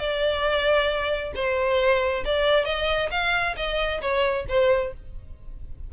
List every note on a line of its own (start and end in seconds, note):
0.00 1.33 D5
1.35 2.24 C5
2.25 2.66 D5
2.66 3.10 D#5
3.11 3.56 F5
3.57 4.02 D#5
4.02 4.46 C#5
4.49 4.94 C5